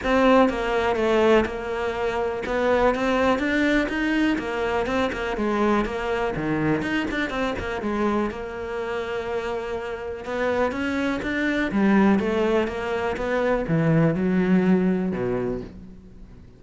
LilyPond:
\new Staff \with { instrumentName = "cello" } { \time 4/4 \tempo 4 = 123 c'4 ais4 a4 ais4~ | ais4 b4 c'4 d'4 | dis'4 ais4 c'8 ais8 gis4 | ais4 dis4 dis'8 d'8 c'8 ais8 |
gis4 ais2.~ | ais4 b4 cis'4 d'4 | g4 a4 ais4 b4 | e4 fis2 b,4 | }